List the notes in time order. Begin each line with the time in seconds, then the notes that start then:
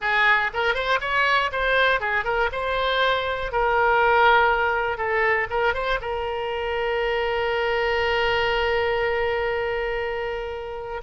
0.01 G#4
0.53 A#4
0.74 C5
1.00 C#5
1.52 C5
2.00 G#4
2.24 A#4
2.52 C5
3.52 A#4
4.97 A4
5.50 A#4
5.74 C5
6.01 A#4